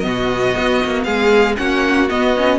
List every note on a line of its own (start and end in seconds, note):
0.00 0.56 B2
0.00 1.56 B3
0.00 1.03 D#5
0.07 1.05 F#4
0.58 0.84 B3
0.84 1.06 A#3
1.04 1.57 G#3
1.04 1.56 G#4
1.04 1.55 F5
1.57 2.11 A#3
1.57 2.08 C#4
1.57 2.60 F#4
1.57 2.09 F#5
2.09 2.35 B3
2.09 2.60 B3
2.09 2.60 D#5
2.36 2.60 C#4